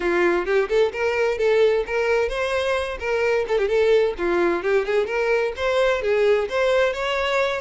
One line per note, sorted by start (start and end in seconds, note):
0.00 0.45 F4
0.45 0.68 G4
0.69 0.92 A4
0.92 1.38 A#4
1.38 1.84 A4
1.86 2.28 A#4
2.28 2.98 C5
2.99 3.45 A#4
3.48 3.57 A4
3.57 3.68 G4
3.68 4.14 A4
4.18 4.63 F4
4.63 4.85 G4
4.85 5.06 G#4
5.06 5.52 A#4
5.56 6.02 C5
6.02 6.48 G#4
6.49 6.93 C5
6.93 7.60 C#5